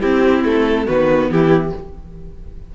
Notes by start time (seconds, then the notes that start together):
0.00 C4 E4 G4
0.44 A3 A4
0.86 D#3 B3 F#4 B4
1.30 E3 E4 G4